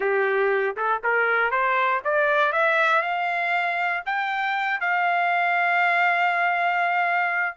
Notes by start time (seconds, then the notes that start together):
0.00 G4
0.76 A4
1.03 A#4
1.50 C5
2.04 D5
2.52 E5
3.02 F5
4.05 G5
4.80 F5